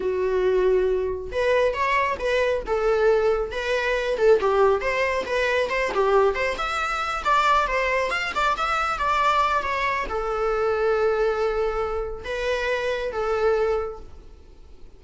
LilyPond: \new Staff \with { instrumentName = "viola" } { \time 4/4 \tempo 4 = 137 fis'2. b'4 | cis''4 b'4 a'2 | b'4. a'8 g'4 c''4 | b'4 c''8 g'4 c''8 e''4~ |
e''8 d''4 c''4 f''8 d''8 e''8~ | e''8 d''4. cis''4 a'4~ | a'1 | b'2 a'2 | }